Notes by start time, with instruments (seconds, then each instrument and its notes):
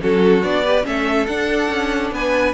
0.00 cello F#3, viola C#4, violin F#4 A4
0.43 cello B3, viola D4, violin D5
0.64 viola G4, violin B4
0.83 cello A3, viola C#4, violin A4 E5
1.26 cello D4, viola D4, violin F#5
1.69 cello C#4
2.11 cello B3, violin B4 G#5